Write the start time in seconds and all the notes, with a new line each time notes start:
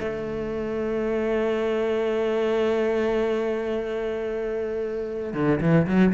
0.00 A3
5.34 D3
5.61 E3
5.87 F#3